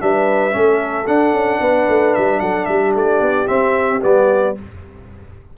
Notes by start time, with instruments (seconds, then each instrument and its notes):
0.00 tuba G3, trombone D4, horn B4, trumpet E5
0.51 tuba A3, trombone C#4, horn A4
1.07 trombone D4, tuba D4, trumpet F#5
1.33 tuba C#4
1.60 tuba B3, horn B4
1.89 tuba A3
2.14 tuba G3, trumpet E5
2.40 tuba F#3, horn A4, trumpet F#5
2.66 tuba G3, horn G4, trumpet E5
2.95 tuba A3, trumpet D5
3.20 tuba B3
3.47 trombone C4, tuba C4, trumpet E5
4.02 tuba G3, trombone B3, trumpet D5